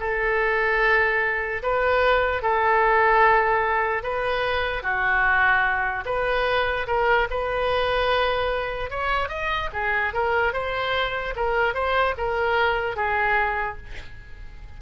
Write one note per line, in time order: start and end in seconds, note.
0.00 1.62 A4
1.63 2.42 B4
2.42 4.03 A4
4.03 4.83 B4
4.83 6.04 F#4
6.06 6.87 B4
6.87 7.28 A#4
7.30 8.90 B4
8.90 9.29 C#5
9.29 9.69 D#5
9.73 10.14 G#4
10.14 10.53 A#4
10.53 11.34 C5
11.36 11.74 A#4
11.74 12.15 C5
12.17 12.96 A#4
12.96 13.77 G#4